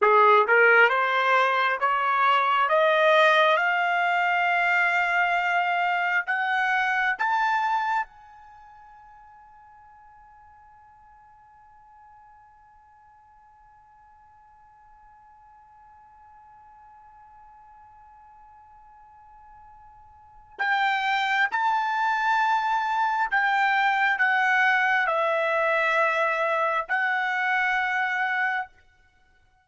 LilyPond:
\new Staff \with { instrumentName = "trumpet" } { \time 4/4 \tempo 4 = 67 gis'8 ais'8 c''4 cis''4 dis''4 | f''2. fis''4 | a''4 gis''2.~ | gis''1~ |
gis''1~ | gis''2. g''4 | a''2 g''4 fis''4 | e''2 fis''2 | }